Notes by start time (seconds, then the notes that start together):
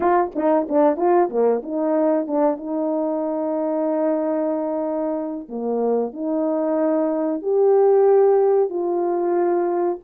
0.00 F4
0.35 D#4
0.68 D4
0.96 F4
1.29 A#3
1.62 D#4
2.27 D4
2.56 D#4
5.48 A#3
6.13 D#4
7.42 G4
8.69 F4